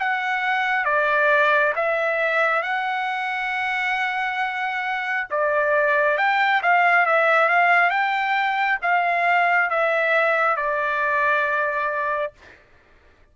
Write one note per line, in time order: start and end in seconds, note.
0.00 0.85 F#5
0.85 1.73 D5
1.76 2.63 E5
2.63 5.27 F#5
5.31 6.18 D5
6.18 6.62 G5
6.63 7.06 F5
7.06 7.49 E5
7.49 7.90 F5
7.90 8.78 G5
8.82 9.70 F5
9.70 10.56 E5
10.56 12.33 D5